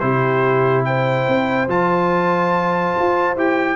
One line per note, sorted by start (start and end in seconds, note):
0.00 1.28 C3
0.00 1.69 E4
0.00 0.87 G4
0.00 0.84 C5
0.85 3.77 C5
0.85 1.69 G5
1.28 1.68 C4
1.68 2.94 F3
1.68 3.37 F4
1.68 3.38 A5
2.99 3.36 F4
3.36 3.77 E4
3.36 3.77 G4
3.36 3.77 G5